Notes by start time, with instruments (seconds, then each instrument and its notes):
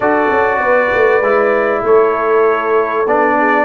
0.00 tuba D4, trombone F#4, horn A4, trumpet D5
0.30 tuba C#4
0.59 tuba B3, horn B4
0.93 tuba A3
1.20 tuba G#3, trombone E4
1.82 tuba A3, horn A4, trumpet C#5
3.06 tuba B3, trombone D4, trumpet D5
3.38 horn G#4